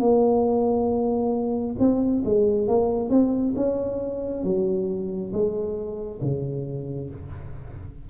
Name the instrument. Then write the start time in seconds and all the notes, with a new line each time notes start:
tuba
0.00 A#3
1.79 C4
2.25 G#3
2.68 A#3
3.10 C4
3.57 C#4
4.44 F#3
5.33 G#3
6.22 C#3